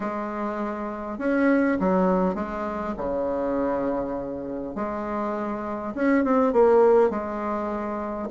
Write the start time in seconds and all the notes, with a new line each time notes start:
0.00 G#3
1.18 C#4
1.79 F#3
2.35 G#3
2.97 C#3
4.75 G#3
5.94 C#4
6.24 C4
6.52 A#3
7.10 G#3